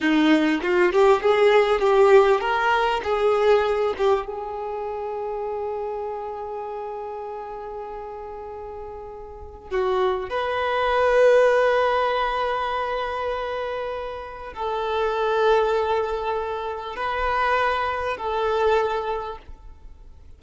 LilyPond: \new Staff \with { instrumentName = "violin" } { \time 4/4 \tempo 4 = 99 dis'4 f'8 g'8 gis'4 g'4 | ais'4 gis'4. g'8 gis'4~ | gis'1~ | gis'1 |
fis'4 b'2.~ | b'1 | a'1 | b'2 a'2 | }